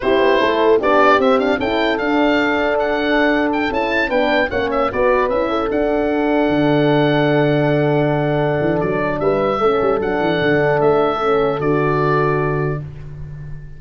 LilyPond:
<<
  \new Staff \with { instrumentName = "oboe" } { \time 4/4 \tempo 4 = 150 c''2 d''4 e''8 f''8 | g''4 f''2 fis''4~ | fis''8. g''8 a''4 g''4 fis''8 e''16~ | e''16 d''4 e''4 fis''4.~ fis''16~ |
fis''1~ | fis''2 d''4 e''4~ | e''4 fis''2 e''4~ | e''4 d''2. | }
  \new Staff \with { instrumentName = "horn" } { \time 4/4 g'4 a'4 g'2 | a'1~ | a'2~ a'16 b'4 cis''8.~ | cis''16 b'4. a'2~ a'16~ |
a'1~ | a'2. b'4 | a'1~ | a'1 | }
  \new Staff \with { instrumentName = "horn" } { \time 4/4 e'2 d'4 c'8 d'8 | e'4 d'2.~ | d'4~ d'16 e'4 d'4 cis'8.~ | cis'16 fis'4 e'4 d'4.~ d'16~ |
d'1~ | d'1 | cis'4 d'2. | cis'4 fis'2. | }
  \new Staff \with { instrumentName = "tuba" } { \time 4/4 c'8 b8 a4 b4 c'4 | cis'4 d'2.~ | d'4~ d'16 cis'4 b4 ais8.~ | ais16 b4 cis'4 d'4.~ d'16~ |
d'16 d2.~ d8.~ | d4. e8 fis4 g4 | a8 g8 fis8 e8 d4 a4~ | a4 d2. | }
>>